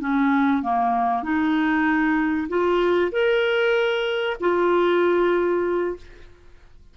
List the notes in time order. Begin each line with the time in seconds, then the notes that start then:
0.00 C#4
0.62 A#3
1.23 D#4
2.49 F4
3.12 A#4
4.40 F4